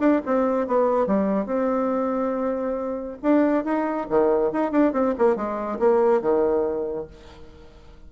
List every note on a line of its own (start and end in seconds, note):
0.00 0.21 D4
0.26 0.67 C4
0.67 1.07 B3
1.07 1.46 G3
1.46 3.18 C4
3.23 3.65 D4
3.65 4.08 D#4
4.10 4.53 D#3
4.53 4.72 D#4
4.72 4.93 D4
4.93 5.14 C4
5.19 5.36 A#3
5.36 5.79 G#3
5.80 6.22 A#3
6.22 7.08 D#3